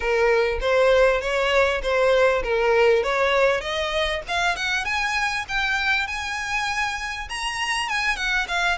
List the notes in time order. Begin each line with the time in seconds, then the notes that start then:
0.00 A#4
0.61 C5
1.21 C#5
1.82 C5
2.43 A#4
3.03 C#5
3.61 D#5
4.28 F5
4.56 F#5
4.84 G#5
5.48 G5
6.07 G#5
7.29 A#5
7.88 G#5
8.16 F#5
8.48 F5